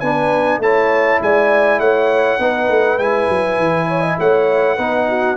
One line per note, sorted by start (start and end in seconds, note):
0.00 0.59 B3
0.00 0.63 D4
0.00 0.62 B4
0.00 0.59 G#5
0.59 1.18 A3
0.59 2.40 E4
0.59 1.22 C#5
0.59 1.22 A5
1.21 1.79 G#3
1.21 1.81 D5
1.21 1.80 G#5
1.79 2.39 A3
1.79 2.40 C#5
1.79 2.99 F#5
2.39 2.69 B3
2.39 2.99 D#4
2.39 3.88 B4
2.69 2.99 A3
2.99 3.28 G#3
2.99 4.78 E4
2.99 4.18 G#5
3.30 3.58 F#3
3.58 4.17 E3
3.88 4.01 C#5
4.01 4.16 D#5
4.19 4.79 A3
4.19 4.77 C#5
4.19 5.37 F#5
4.77 5.37 B3
4.77 5.37 D#4
4.77 5.07 B4
5.09 5.37 F#4